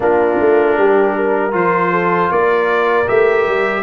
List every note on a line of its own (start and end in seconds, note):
0.00 0.38 A#3
0.00 1.51 D4
0.00 0.78 F4
0.00 1.54 A#4
0.39 0.77 A3
0.77 1.53 G3
0.77 1.15 G4
1.15 1.91 A#4
1.51 2.30 F3
1.51 3.05 F4
1.51 2.31 C5
1.91 2.30 A4
2.30 3.08 A#3
2.30 3.83 A#4
2.30 3.08 D5
3.06 3.47 A3
3.06 3.83 G4
3.06 3.83 E5
3.47 3.83 G3